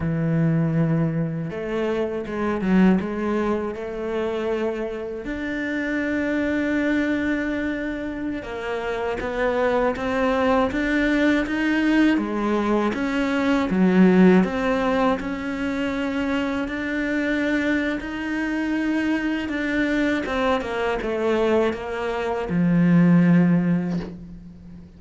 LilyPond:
\new Staff \with { instrumentName = "cello" } { \time 4/4 \tempo 4 = 80 e2 a4 gis8 fis8 | gis4 a2 d'4~ | d'2.~ d'16 ais8.~ | ais16 b4 c'4 d'4 dis'8.~ |
dis'16 gis4 cis'4 fis4 c'8.~ | c'16 cis'2 d'4.~ d'16 | dis'2 d'4 c'8 ais8 | a4 ais4 f2 | }